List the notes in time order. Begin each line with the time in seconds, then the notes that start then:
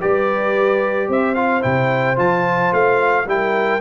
0.00 G3 G4 B4 D5
1.08 C4 C5 E5
1.34 F4 F5
1.61 C3 E4 G5
2.15 F3 F4 A5
2.72 A3 F5
3.25 G3 E4 A#4 G5